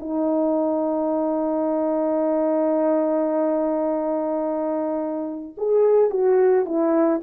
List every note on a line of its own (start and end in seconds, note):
0.00 5.56 D#4
5.58 6.11 G#4
6.11 6.66 F#4
6.66 7.21 E4